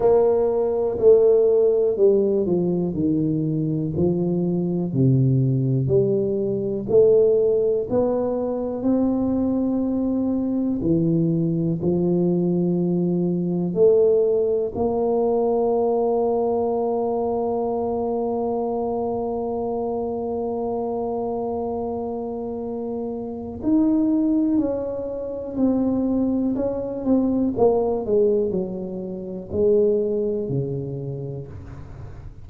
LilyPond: \new Staff \with { instrumentName = "tuba" } { \time 4/4 \tempo 4 = 61 ais4 a4 g8 f8 dis4 | f4 c4 g4 a4 | b4 c'2 e4 | f2 a4 ais4~ |
ais1~ | ais1 | dis'4 cis'4 c'4 cis'8 c'8 | ais8 gis8 fis4 gis4 cis4 | }